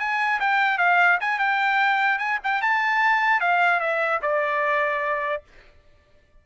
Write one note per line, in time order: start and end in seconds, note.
0.00 0.40 G#5
0.40 0.79 G5
0.79 1.19 F5
1.21 1.39 G#5
1.39 2.19 G5
2.19 2.39 G#5
2.44 2.62 G5
2.62 3.41 A5
3.41 3.80 F5
3.80 4.21 E5
4.22 5.43 D5